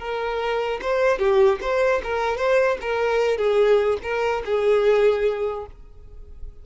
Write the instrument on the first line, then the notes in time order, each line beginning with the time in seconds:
violin
0.00 A#4
0.82 C5
1.19 G4
1.62 C5
2.04 A#4
2.38 C5
2.82 A#4
3.38 G#4
4.03 A#4
4.46 G#4